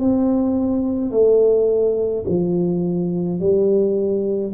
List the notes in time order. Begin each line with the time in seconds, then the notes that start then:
0.00 C4
1.11 A3
2.28 F3
3.40 G3